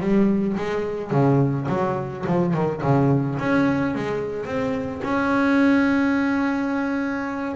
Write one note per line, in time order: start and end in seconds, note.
0.00 0.56 G3
0.57 1.11 G#3
1.11 1.67 C#3
1.69 2.25 F#3
2.26 2.54 F3
2.54 2.82 D#3
2.82 3.38 C#3
3.39 3.95 C#4
3.95 4.46 G#3
4.46 5.02 C4
5.03 7.56 C#4